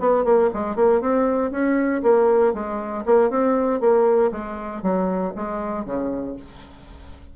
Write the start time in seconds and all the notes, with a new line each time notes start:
0.00 B3
0.24 A#3
0.54 G#3
0.76 A#3
1.01 C4
1.51 C#4
2.03 A#3
2.54 G#3
3.06 A#3
3.30 C4
3.81 A#3
4.32 G#3
4.83 F#3
5.36 G#3
5.86 C#3